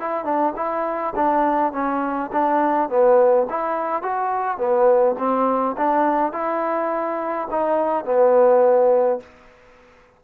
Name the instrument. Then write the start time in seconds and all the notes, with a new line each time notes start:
trombone
0.00 E4
0.25 D4
0.56 E4
1.16 D4
1.73 C#4
2.33 D4
2.90 B3
3.50 E4
4.03 F#4
4.58 B3
5.19 C4
5.78 D4
6.33 E4
7.52 D#4
8.05 B3